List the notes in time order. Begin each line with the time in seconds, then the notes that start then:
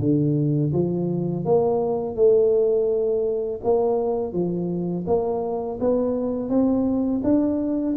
0.00 D3
0.73 F3
1.45 A#3
2.16 A3
3.64 A#3
4.33 F3
5.07 A#3
5.81 B3
6.50 C4
7.24 D4